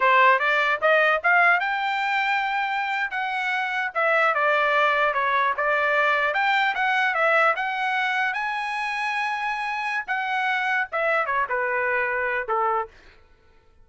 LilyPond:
\new Staff \with { instrumentName = "trumpet" } { \time 4/4 \tempo 4 = 149 c''4 d''4 dis''4 f''4 | g''2.~ g''8. fis''16~ | fis''4.~ fis''16 e''4 d''4~ d''16~ | d''8. cis''4 d''2 g''16~ |
g''8. fis''4 e''4 fis''4~ fis''16~ | fis''8. gis''2.~ gis''16~ | gis''4 fis''2 e''4 | cis''8 b'2~ b'8 a'4 | }